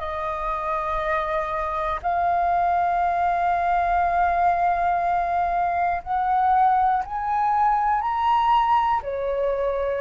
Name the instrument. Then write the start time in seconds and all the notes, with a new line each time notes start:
flute
0.00 D#5
2.03 F5
6.04 F#5
7.05 G#5
8.01 A#5
9.03 C#5